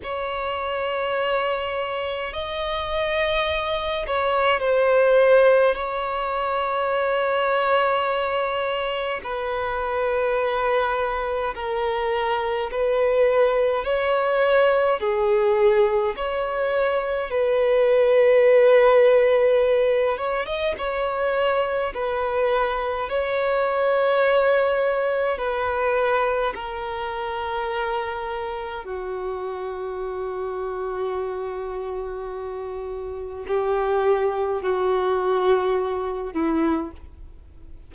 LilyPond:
\new Staff \with { instrumentName = "violin" } { \time 4/4 \tempo 4 = 52 cis''2 dis''4. cis''8 | c''4 cis''2. | b'2 ais'4 b'4 | cis''4 gis'4 cis''4 b'4~ |
b'4. cis''16 dis''16 cis''4 b'4 | cis''2 b'4 ais'4~ | ais'4 fis'2.~ | fis'4 g'4 fis'4. e'8 | }